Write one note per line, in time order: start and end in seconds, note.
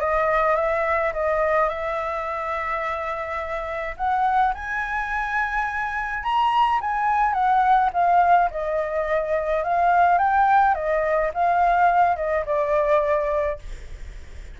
0.00 0.56 D#5
0.56 1.12 E5
1.13 1.69 D#5
1.69 3.95 E5
3.97 4.53 F#5
4.54 6.23 G#5
6.23 6.80 A#5
6.81 7.33 G#5
7.33 7.90 F#5
7.93 8.50 F5
8.50 9.64 D#5
9.64 10.18 F5
10.18 10.74 G5
10.74 11.31 D#5
11.34 12.16 F5
12.16 12.44 D#5
12.46 13.59 D5